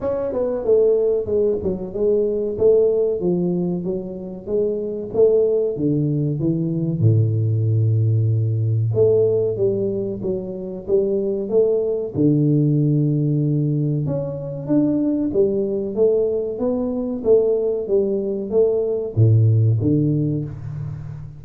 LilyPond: \new Staff \with { instrumentName = "tuba" } { \time 4/4 \tempo 4 = 94 cis'8 b8 a4 gis8 fis8 gis4 | a4 f4 fis4 gis4 | a4 d4 e4 a,4~ | a,2 a4 g4 |
fis4 g4 a4 d4~ | d2 cis'4 d'4 | g4 a4 b4 a4 | g4 a4 a,4 d4 | }